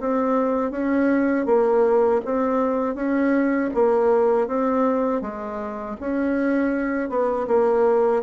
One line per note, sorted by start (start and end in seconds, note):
0.00 0.71 C4
0.71 1.46 C#4
1.46 2.21 A#3
2.25 2.95 C4
2.95 3.70 C#4
3.75 4.48 A#3
4.48 5.22 C4
5.22 5.97 G#3
6.00 7.09 C#4
7.09 7.47 B3
7.48 8.23 A#3